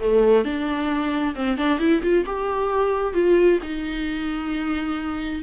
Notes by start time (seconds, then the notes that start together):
0.00 A3
0.44 D4
1.35 C4
1.57 D4
1.79 E4
2.02 F4
2.26 G4
3.14 F4
3.63 D#4